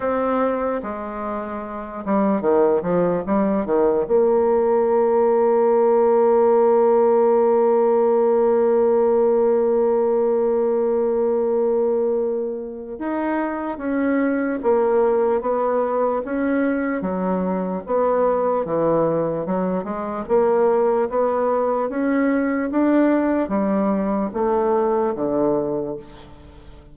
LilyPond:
\new Staff \with { instrumentName = "bassoon" } { \time 4/4 \tempo 4 = 74 c'4 gis4. g8 dis8 f8 | g8 dis8 ais2.~ | ais1~ | ais1 |
dis'4 cis'4 ais4 b4 | cis'4 fis4 b4 e4 | fis8 gis8 ais4 b4 cis'4 | d'4 g4 a4 d4 | }